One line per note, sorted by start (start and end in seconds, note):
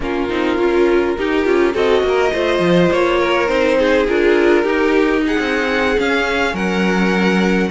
0.00 0.29 A#3
0.00 0.29 C#4
0.00 1.17 F4
0.00 1.75 A#4
0.29 0.58 C4
0.29 0.58 D#4
0.58 1.16 C#4
0.58 1.16 F4
1.17 1.45 D#4
1.17 1.46 D#4
1.17 1.73 G4
1.45 1.74 C#4
1.45 1.73 F4
1.73 2.02 C4
1.73 2.31 F#4
1.73 2.03 A4
1.73 2.92 D#5
2.02 2.31 A#3
2.02 2.32 A#4
2.32 2.59 A3
2.32 3.47 F4
2.32 3.19 C5
2.59 2.88 F3
2.92 3.48 A#3
2.92 3.48 C#5
3.19 3.78 A#4
3.47 4.06 C4
3.47 4.05 D#4
3.47 4.06 C5
3.78 4.63 G#4
4.08 4.64 D4
4.08 4.65 F4
4.08 5.24 A#4
4.63 5.37 D#4
4.63 5.96 D#4
4.63 5.21 G4
5.26 6.53 G#4
5.26 5.99 F#5
5.38 5.96 C4
5.96 7.70 C#4
5.96 6.53 C#4
5.96 6.55 F5
6.53 7.70 F#3
6.53 7.69 A#4
6.53 7.70 F#5